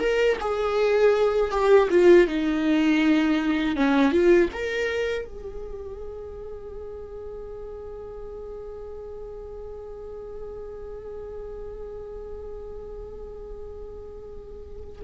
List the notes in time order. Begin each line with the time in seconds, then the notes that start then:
0.00 A#4
0.41 G#4
1.51 G4
1.91 F4
2.28 D#4
3.76 C#4
4.12 F4
4.53 A#4
5.25 G#4